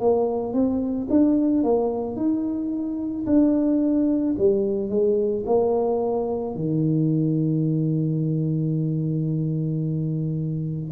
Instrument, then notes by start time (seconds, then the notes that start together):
tuba
0.00 A#3
0.54 C4
1.10 D4
1.64 A#3
2.17 D#4
3.27 D4
4.39 G3
4.90 G#3
5.46 A#3
6.55 D#3